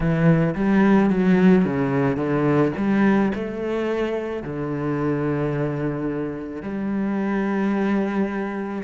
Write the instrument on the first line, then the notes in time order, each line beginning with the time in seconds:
cello
0.00 E3
0.55 G3
1.10 F#3
1.64 C#3
2.16 D3
2.76 G3
3.35 A3
4.42 D3
6.62 G3